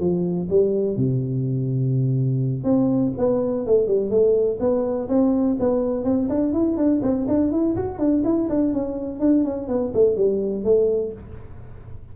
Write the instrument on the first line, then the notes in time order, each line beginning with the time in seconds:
tuba
0.00 F3
0.50 G3
0.97 C3
2.64 C4
3.18 B3
3.66 A3
3.87 G3
4.11 A3
4.60 B3
5.09 C4
5.60 B3
6.05 C4
6.29 D4
6.53 E4
6.77 D4
7.02 C4
7.28 D4
7.52 E4
7.76 F#4
7.99 D4
8.25 E4
8.49 D4
8.74 C#4
9.20 D4
9.44 C#4
9.68 B3
9.94 A3
10.17 G3
10.65 A3